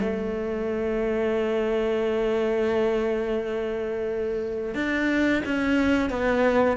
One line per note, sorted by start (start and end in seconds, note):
0.00 4.74 A3
4.74 5.43 D4
5.45 6.10 C#4
6.10 6.77 B3